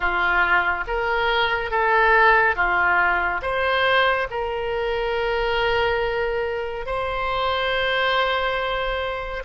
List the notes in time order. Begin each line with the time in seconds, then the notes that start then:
0.00 F4
0.87 A#4
1.71 A4
2.55 F4
3.41 C5
4.30 A#4
6.86 C5